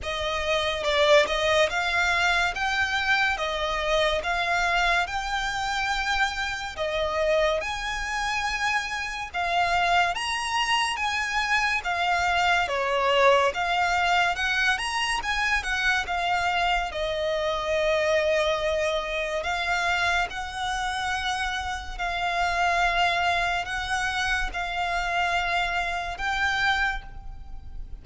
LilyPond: \new Staff \with { instrumentName = "violin" } { \time 4/4 \tempo 4 = 71 dis''4 d''8 dis''8 f''4 g''4 | dis''4 f''4 g''2 | dis''4 gis''2 f''4 | ais''4 gis''4 f''4 cis''4 |
f''4 fis''8 ais''8 gis''8 fis''8 f''4 | dis''2. f''4 | fis''2 f''2 | fis''4 f''2 g''4 | }